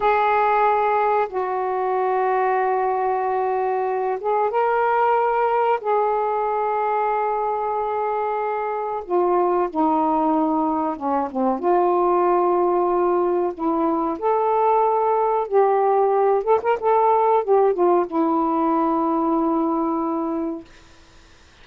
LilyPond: \new Staff \with { instrumentName = "saxophone" } { \time 4/4 \tempo 4 = 93 gis'2 fis'2~ | fis'2~ fis'8 gis'8 ais'4~ | ais'4 gis'2.~ | gis'2 f'4 dis'4~ |
dis'4 cis'8 c'8 f'2~ | f'4 e'4 a'2 | g'4. a'16 ais'16 a'4 g'8 f'8 | e'1 | }